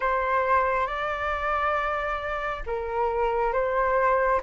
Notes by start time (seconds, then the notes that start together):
0.00 C5
0.86 D5
2.66 A#4
3.52 C5